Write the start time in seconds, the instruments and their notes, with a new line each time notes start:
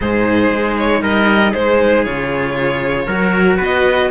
0.00 cello G#2 D#4, trumpet G#4, violin C5
0.51 cello G#3
0.77 violin C#5
1.01 cello G3, trumpet A#4, violin D#5
1.51 cello G#3, trumpet G#4, violin C5
2.04 cello C#3 F4, violin C#5
3.06 cello F#3 F#4, trumpet A#4
3.57 cello B3, trumpet B4
3.63 violin D#5